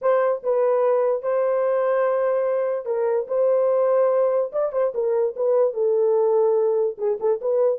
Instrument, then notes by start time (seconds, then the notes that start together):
horn
0.01 C5
0.43 B4
1.22 C5
2.85 A#4
3.27 C5
4.52 D5
4.72 C5
4.94 A#4
5.36 B4
5.73 A4
6.98 G#4
7.19 A4
7.41 B4